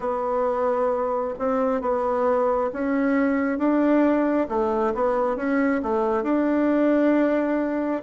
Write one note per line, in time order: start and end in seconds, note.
0.00 1.34 B3
1.38 1.81 C4
1.81 2.71 B3
2.72 3.58 C#4
3.58 4.47 D4
4.48 4.93 A3
4.94 5.36 B3
5.36 5.81 C#4
5.82 6.23 A3
6.23 8.02 D4